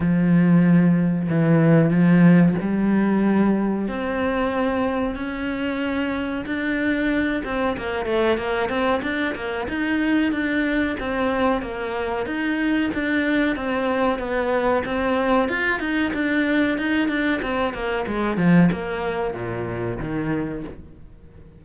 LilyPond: \new Staff \with { instrumentName = "cello" } { \time 4/4 \tempo 4 = 93 f2 e4 f4 | g2 c'2 | cis'2 d'4. c'8 | ais8 a8 ais8 c'8 d'8 ais8 dis'4 |
d'4 c'4 ais4 dis'4 | d'4 c'4 b4 c'4 | f'8 dis'8 d'4 dis'8 d'8 c'8 ais8 | gis8 f8 ais4 ais,4 dis4 | }